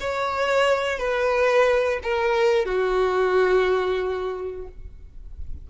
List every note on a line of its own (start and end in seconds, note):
0.00 0.98 C#5
0.98 1.99 B4
2.03 2.65 A#4
2.65 4.67 F#4